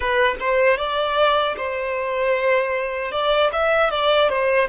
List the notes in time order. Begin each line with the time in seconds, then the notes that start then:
0.00 B4
0.40 C5
0.77 D5
1.57 C5
3.11 D5
3.52 E5
3.90 D5
4.29 C5